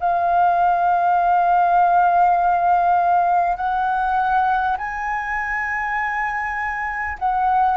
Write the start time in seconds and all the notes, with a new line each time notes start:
0.00 F5
3.57 F#5
4.77 G#5
7.18 F#5